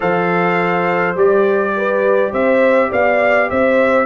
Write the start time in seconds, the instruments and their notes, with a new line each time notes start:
0.00 tuba F3, trombone A4, horn C5, trumpet F5
1.15 tuba G3, trombone G4, trumpet D5
1.76 horn B4
2.31 tuba C4, horn C5, trumpet E5
2.91 tuba B3, horn D5, trumpet F5
3.49 tuba C4, horn C5, trumpet E5